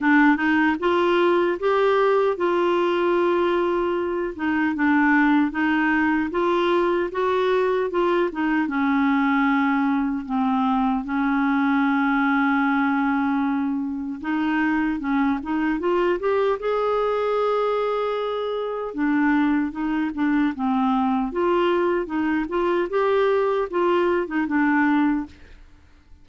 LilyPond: \new Staff \with { instrumentName = "clarinet" } { \time 4/4 \tempo 4 = 76 d'8 dis'8 f'4 g'4 f'4~ | f'4. dis'8 d'4 dis'4 | f'4 fis'4 f'8 dis'8 cis'4~ | cis'4 c'4 cis'2~ |
cis'2 dis'4 cis'8 dis'8 | f'8 g'8 gis'2. | d'4 dis'8 d'8 c'4 f'4 | dis'8 f'8 g'4 f'8. dis'16 d'4 | }